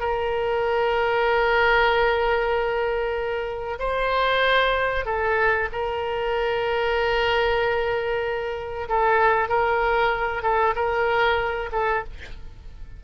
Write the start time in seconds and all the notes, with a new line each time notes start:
0.00 A#4
3.79 C5
5.06 A4
5.72 A#4
8.89 A4
9.49 A#4
10.43 A4
10.75 A#4
11.72 A4